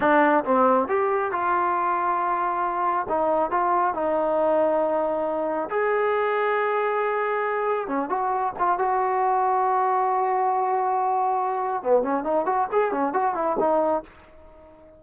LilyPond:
\new Staff \with { instrumentName = "trombone" } { \time 4/4 \tempo 4 = 137 d'4 c'4 g'4 f'4~ | f'2. dis'4 | f'4 dis'2.~ | dis'4 gis'2.~ |
gis'2 cis'8 fis'4 f'8 | fis'1~ | fis'2. b8 cis'8 | dis'8 fis'8 gis'8 cis'8 fis'8 e'8 dis'4 | }